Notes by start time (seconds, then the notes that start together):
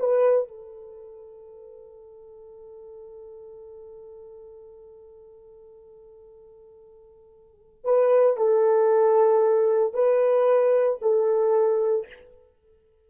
0.00 B4
0.48 A4
7.84 B4
8.37 A4
9.94 B4
11.02 A4